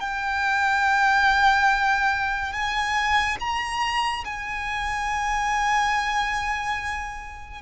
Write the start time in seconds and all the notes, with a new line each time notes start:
0.00 G5
2.53 G#5
3.40 A#5
4.24 G#5